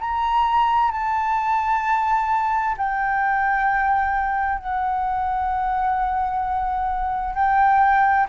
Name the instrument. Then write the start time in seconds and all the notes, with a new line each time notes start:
flute
0.00 A#5
0.91 A5
2.77 G5
4.59 F#5
7.35 G5